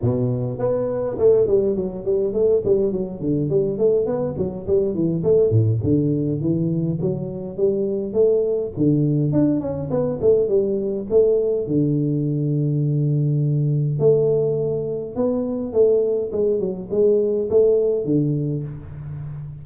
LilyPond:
\new Staff \with { instrumentName = "tuba" } { \time 4/4 \tempo 4 = 103 b,4 b4 a8 g8 fis8 g8 | a8 g8 fis8 d8 g8 a8 b8 fis8 | g8 e8 a8 a,8 d4 e4 | fis4 g4 a4 d4 |
d'8 cis'8 b8 a8 g4 a4 | d1 | a2 b4 a4 | gis8 fis8 gis4 a4 d4 | }